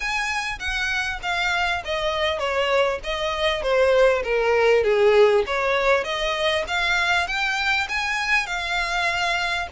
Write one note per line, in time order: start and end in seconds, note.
0.00 0.58 G#5
0.59 1.20 F#5
1.22 1.83 F5
1.84 2.38 D#5
2.38 2.99 C#5
3.03 3.62 D#5
3.62 4.23 C5
4.23 4.83 A#4
4.83 5.44 G#4
5.46 6.03 C#5
6.03 6.64 D#5
6.67 7.27 F5
7.27 7.87 G5
7.88 8.46 G#5
8.46 9.67 F5